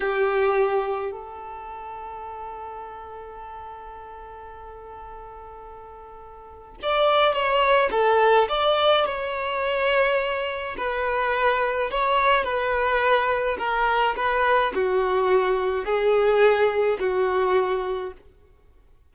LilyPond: \new Staff \with { instrumentName = "violin" } { \time 4/4 \tempo 4 = 106 g'2 a'2~ | a'1~ | a'1 | d''4 cis''4 a'4 d''4 |
cis''2. b'4~ | b'4 cis''4 b'2 | ais'4 b'4 fis'2 | gis'2 fis'2 | }